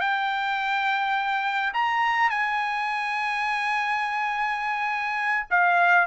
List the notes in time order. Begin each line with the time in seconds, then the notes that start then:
0.00 G5
1.73 A#5
2.29 G#5
5.50 F5